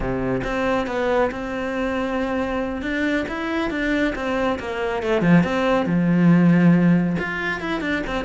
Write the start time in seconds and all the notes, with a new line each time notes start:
0.00 C3
0.43 C4
0.87 B3
1.31 C4
2.82 D4
3.28 E4
3.70 D4
4.15 C4
4.59 A#3
5.02 A3
5.21 F3
5.43 C4
5.86 F3
7.19 F4
7.60 E4
7.80 D4
8.06 C4